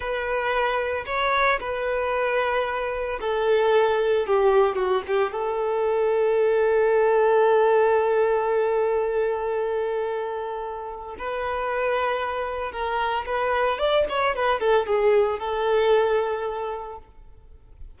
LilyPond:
\new Staff \with { instrumentName = "violin" } { \time 4/4 \tempo 4 = 113 b'2 cis''4 b'4~ | b'2 a'2 | g'4 fis'8 g'8 a'2~ | a'1~ |
a'1~ | a'4 b'2. | ais'4 b'4 d''8 cis''8 b'8 a'8 | gis'4 a'2. | }